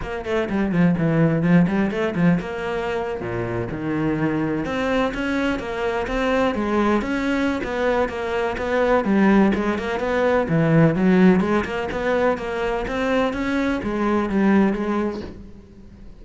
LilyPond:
\new Staff \with { instrumentName = "cello" } { \time 4/4 \tempo 4 = 126 ais8 a8 g8 f8 e4 f8 g8 | a8 f8 ais4.~ ais16 ais,4 dis16~ | dis4.~ dis16 c'4 cis'4 ais16~ | ais8. c'4 gis4 cis'4~ cis'16 |
b4 ais4 b4 g4 | gis8 ais8 b4 e4 fis4 | gis8 ais8 b4 ais4 c'4 | cis'4 gis4 g4 gis4 | }